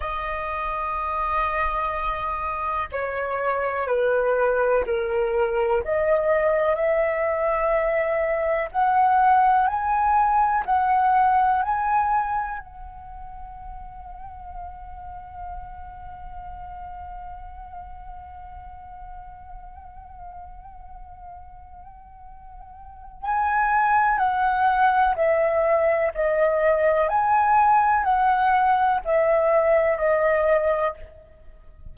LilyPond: \new Staff \with { instrumentName = "flute" } { \time 4/4 \tempo 4 = 62 dis''2. cis''4 | b'4 ais'4 dis''4 e''4~ | e''4 fis''4 gis''4 fis''4 | gis''4 fis''2.~ |
fis''1~ | fis''1 | gis''4 fis''4 e''4 dis''4 | gis''4 fis''4 e''4 dis''4 | }